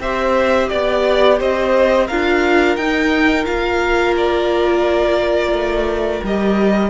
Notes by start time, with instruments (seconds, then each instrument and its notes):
0.00 cello C4, viola G4, violin C5 E5
0.69 cello B3, violin D5
1.40 cello C4, violin C5 D#5
2.07 cello D4, viola F4, violin A#4 F5
2.76 cello D#4, viola D#4, violin G5
3.45 cello A#3, viola F4, violin F5
4.17 violin D5
5.52 cello A3
6.23 cello G3, viola G4, violin D#5